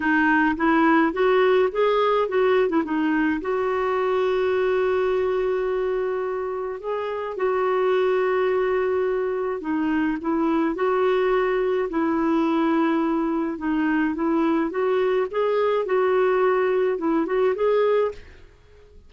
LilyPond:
\new Staff \with { instrumentName = "clarinet" } { \time 4/4 \tempo 4 = 106 dis'4 e'4 fis'4 gis'4 | fis'8. e'16 dis'4 fis'2~ | fis'1 | gis'4 fis'2.~ |
fis'4 dis'4 e'4 fis'4~ | fis'4 e'2. | dis'4 e'4 fis'4 gis'4 | fis'2 e'8 fis'8 gis'4 | }